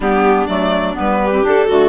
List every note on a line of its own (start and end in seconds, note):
0.00 0.45 G3
0.00 0.48 B3
0.00 1.19 D4
0.00 0.46 G4
0.46 0.95 F#3
0.46 0.94 A3
0.46 0.94 D5
0.94 1.44 G3
0.94 1.30 B3
0.94 1.46 B4
1.23 1.67 G4
1.30 1.42 C4
1.43 1.67 D4
1.43 1.68 D4
1.43 1.89 A4
1.67 1.89 D3
1.67 1.89 A3
1.67 1.89 F#4